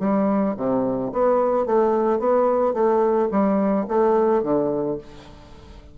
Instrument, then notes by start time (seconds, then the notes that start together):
bassoon
0.00 G3
0.57 C3
1.13 B3
1.66 A3
2.20 B3
2.74 A3
3.32 G3
3.89 A3
4.43 D3